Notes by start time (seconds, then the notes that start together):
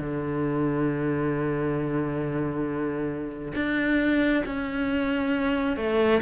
0.00 D3
3.55 D4
4.46 C#4
5.77 A3